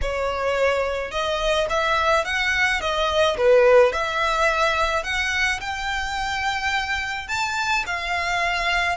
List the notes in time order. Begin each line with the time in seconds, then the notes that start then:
0.01 C#5
1.11 D#5
1.69 E5
2.24 F#5
2.80 D#5
3.37 B4
3.92 E5
5.03 F#5
5.60 G5
7.28 A5
7.86 F5